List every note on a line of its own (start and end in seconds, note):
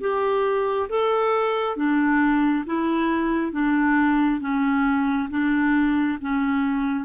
0.00 0.88 G4
0.89 1.76 A4
1.76 2.64 D4
2.66 3.52 E4
3.52 4.40 D4
4.40 5.28 C#4
5.30 6.18 D4
6.21 7.04 C#4